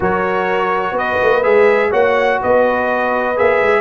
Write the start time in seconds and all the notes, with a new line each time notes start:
0.00 F#3 F#4 A#4 C#5
0.91 B3 B4
0.98 D#5
1.22 A#3
1.43 G#3 G#4 E5
1.91 A#3 F#4 C#5 F#5
2.41 B3 B4 D#5
3.36 A#3 G#4 E5
3.61 G#3